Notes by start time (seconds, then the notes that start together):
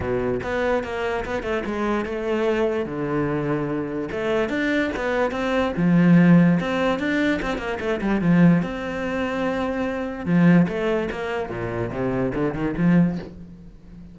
0.00 B2
0.43 B3
0.83 A#3
1.25 B3
1.42 A3
1.65 G#3
2.05 A3
2.85 D3
4.11 A3
4.49 D4
4.96 B3
5.31 C4
5.76 F3
6.59 C4
6.99 D4
7.42 C4
7.58 A#3
7.80 A3
8.01 G3
8.21 F3
8.62 C4
10.25 F3
10.68 A3
11.10 A#3
11.49 A#2
11.91 C3
12.34 D3
12.54 D#3
12.77 F3